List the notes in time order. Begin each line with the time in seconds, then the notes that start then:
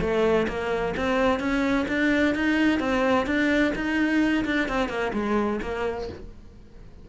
0.00 A3
0.47 A#3
0.96 C4
1.39 C#4
1.88 D4
2.34 D#4
2.79 C4
3.26 D4
3.75 D#4
4.45 D4
4.68 C4
4.88 A#3
5.13 G#3
5.62 A#3